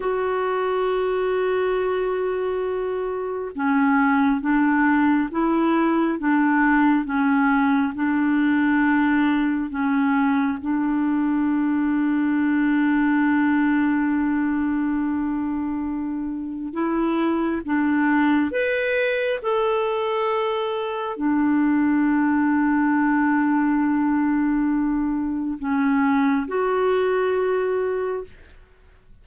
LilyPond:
\new Staff \with { instrumentName = "clarinet" } { \time 4/4 \tempo 4 = 68 fis'1 | cis'4 d'4 e'4 d'4 | cis'4 d'2 cis'4 | d'1~ |
d'2. e'4 | d'4 b'4 a'2 | d'1~ | d'4 cis'4 fis'2 | }